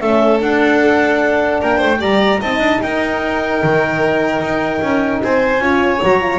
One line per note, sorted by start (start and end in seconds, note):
0.00 0.41 A3
0.00 0.40 C#4
0.00 1.61 A4
0.00 0.40 E5
0.40 1.99 D4
0.40 1.61 D4
0.40 1.62 F#5
1.61 1.82 A#3
1.61 1.78 A#4
1.61 2.02 G5
1.78 2.02 A3
1.78 1.98 C5
1.99 2.42 G3
1.99 2.39 G4
1.99 2.40 D5
1.99 2.42 A#5
2.40 2.59 C4
2.40 5.60 D#4
2.40 2.81 D#5
2.40 2.82 A5
2.59 2.79 D4
2.82 3.63 D#4
2.82 5.22 A#4
2.82 5.22 G5
3.63 4.41 D#3
4.41 4.81 D#4
4.82 5.22 C#4
5.23 5.60 C4
5.23 5.63 C5
5.23 6.03 G#5
5.60 6.00 C#4
5.60 6.01 F4
5.60 6.40 C#5
6.03 6.40 F#3
6.03 6.21 F#4
6.03 6.40 A#5
6.21 6.40 F4